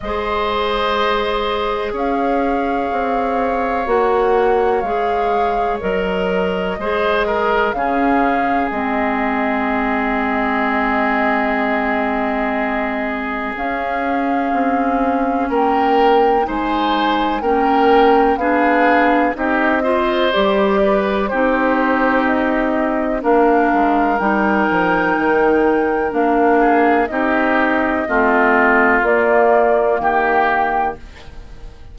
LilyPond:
<<
  \new Staff \with { instrumentName = "flute" } { \time 4/4 \tempo 4 = 62 dis''2 f''2 | fis''4 f''4 dis''2 | f''4 dis''2.~ | dis''2 f''2 |
g''4 gis''4 g''4 f''4 | dis''4 d''4 c''4 dis''4 | f''4 g''2 f''4 | dis''2 d''4 g''4 | }
  \new Staff \with { instrumentName = "oboe" } { \time 4/4 c''2 cis''2~ | cis''2. c''8 ais'8 | gis'1~ | gis'1 |
ais'4 c''4 ais'4 gis'4 | g'8 c''4 b'8 g'2 | ais'2.~ ais'8 gis'8 | g'4 f'2 g'4 | }
  \new Staff \with { instrumentName = "clarinet" } { \time 4/4 gis'1 | fis'4 gis'4 ais'4 gis'4 | cis'4 c'2.~ | c'2 cis'2~ |
cis'4 dis'4 cis'4 d'4 | dis'8 f'8 g'4 dis'2 | d'4 dis'2 d'4 | dis'4 c'4 ais2 | }
  \new Staff \with { instrumentName = "bassoon" } { \time 4/4 gis2 cis'4 c'4 | ais4 gis4 fis4 gis4 | cis4 gis2.~ | gis2 cis'4 c'4 |
ais4 gis4 ais4 b4 | c'4 g4 c'2 | ais8 gis8 g8 f8 dis4 ais4 | c'4 a4 ais4 dis4 | }
>>